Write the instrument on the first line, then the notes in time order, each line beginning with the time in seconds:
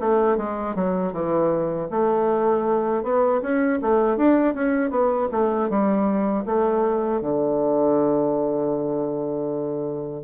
bassoon
0.00 A3
0.38 G#3
0.76 F#3
1.13 E3
1.91 A3
3.03 B3
3.42 C#4
3.82 A3
4.17 D4
4.55 C#4
4.91 B3
5.32 A3
5.70 G3
6.46 A3
7.21 D3